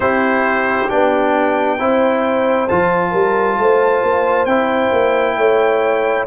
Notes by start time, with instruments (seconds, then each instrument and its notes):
0.00 tuba C4, trombone E4, horn G4, trumpet C5
0.89 tuba B3, trombone D4, trumpet G5
1.78 tuba C4, trombone E4, horn C5
2.68 tuba F3, trombone F4, trumpet A5
3.10 tuba G3, horn A#4
3.57 tuba A3, horn C5
4.03 tuba A#3
4.45 tuba C4, trombone E4, trumpet G5
4.92 tuba A#3
5.36 tuba A3, horn C#5